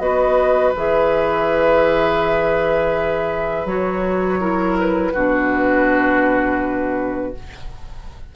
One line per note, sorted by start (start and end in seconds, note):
0.00 0.73 B3
0.00 0.74 F#4
0.00 4.41 B4
0.00 0.73 D#5
0.76 3.66 E3
0.76 3.68 G#4
0.76 3.68 E5
3.66 5.12 F#3
3.66 4.40 F#4
3.66 4.78 C#5
4.40 5.13 E4
4.40 5.14 A#4
4.80 7.36 B4
5.14 7.35 B2
5.14 7.35 D4
5.14 7.33 F#4